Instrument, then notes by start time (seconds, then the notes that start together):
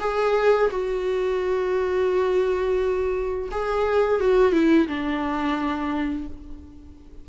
viola
0.00 G#4
0.70 F#4
3.51 G#4
4.21 F#4
4.53 E4
4.88 D4